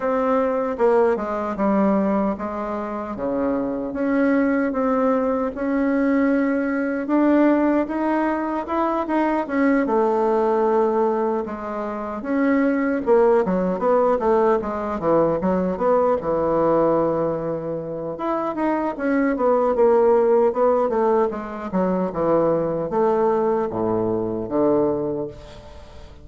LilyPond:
\new Staff \with { instrumentName = "bassoon" } { \time 4/4 \tempo 4 = 76 c'4 ais8 gis8 g4 gis4 | cis4 cis'4 c'4 cis'4~ | cis'4 d'4 dis'4 e'8 dis'8 | cis'8 a2 gis4 cis'8~ |
cis'8 ais8 fis8 b8 a8 gis8 e8 fis8 | b8 e2~ e8 e'8 dis'8 | cis'8 b8 ais4 b8 a8 gis8 fis8 | e4 a4 a,4 d4 | }